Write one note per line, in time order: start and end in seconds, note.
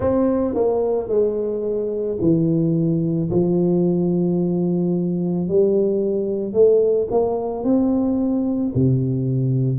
0.00 0.54 C4
0.54 1.08 A#3
1.08 2.17 G#3
2.21 3.30 E3
3.30 5.48 F3
5.48 6.53 G3
6.53 7.07 A3
7.11 7.64 A#3
7.64 8.73 C4
8.74 9.78 C3